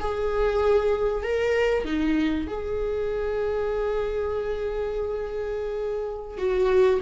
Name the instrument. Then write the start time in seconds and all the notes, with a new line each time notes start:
viola
0.00 G#4
1.23 A#4
1.85 D#4
2.47 G#4
6.38 F#4